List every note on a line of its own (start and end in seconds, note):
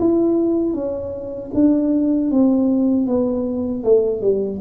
0.00 0.74 E4
0.74 1.51 C#4
1.55 2.31 D4
2.31 3.07 C4
3.07 3.84 B3
3.84 4.22 A3
4.22 4.60 G3